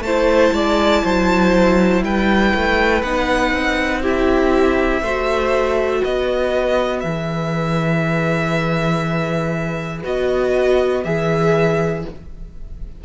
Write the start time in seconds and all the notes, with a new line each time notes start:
0.00 A3 C5 A5
0.07 E4
0.53 G#3 D5
1.04 F#3 C5
2.04 G3 B4 G5
2.55 A3
3.03 B3 D#4 F#5
3.53 C4
4.01 E4 G4
4.08 E5
5.02 A3 F#4 C5
6.01 B3 B4 D#5
7.00 E3 G#4 E5
10.03 B3 F#4 D#5
11.04 E3 G#4 E5